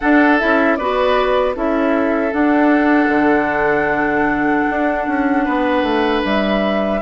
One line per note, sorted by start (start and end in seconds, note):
0.00 0.39 D4
0.00 0.42 D4
0.00 0.78 A4
0.00 0.38 F#5
0.38 0.78 C#4
0.38 0.78 E4
0.38 0.76 E5
0.76 1.56 B3
0.76 1.55 F#4
0.76 1.56 B4
0.76 1.54 D5
1.55 2.33 C#4
1.55 2.31 E4
1.55 5.44 A4
1.55 2.33 E5
2.31 6.99 D4
2.31 3.08 D4
2.31 6.23 F#5
3.08 4.64 D3
4.69 5.07 D4
5.07 5.46 C#4
5.44 5.82 B3
5.44 7.00 B4
5.82 6.21 A3
6.24 7.01 G3
6.24 7.01 E5